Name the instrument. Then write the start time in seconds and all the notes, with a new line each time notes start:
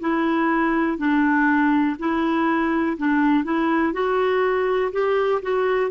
clarinet
0.00 E4
0.98 D4
1.99 E4
2.98 D4
3.44 E4
3.93 F#4
4.92 G4
5.42 F#4